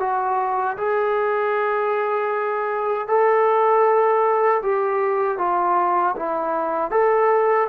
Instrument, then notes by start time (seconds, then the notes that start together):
trombone
0.00 F#4
0.77 G#4
3.08 A4
4.63 G4
5.38 F4
6.16 E4
6.91 A4